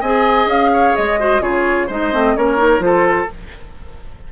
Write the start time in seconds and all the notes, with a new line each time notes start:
0.00 C4 G#4 D#5 G#5
0.46 C#4 F5
0.73 C#5
0.96 G#3 D#5
1.19 F#4 C5
1.41 C#3 F4 G#4 C#5
1.87 G#3 D#4 C5 D#5
2.13 A3 C4
2.36 A#3 C#4 A#4 C#5
2.57 D#4
2.79 F3 F4 A4 C5